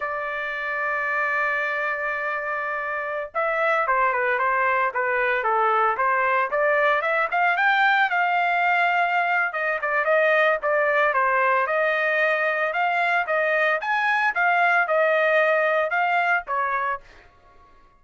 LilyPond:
\new Staff \with { instrumentName = "trumpet" } { \time 4/4 \tempo 4 = 113 d''1~ | d''2~ d''16 e''4 c''8 b'16~ | b'16 c''4 b'4 a'4 c''8.~ | c''16 d''4 e''8 f''8 g''4 f''8.~ |
f''2 dis''8 d''8 dis''4 | d''4 c''4 dis''2 | f''4 dis''4 gis''4 f''4 | dis''2 f''4 cis''4 | }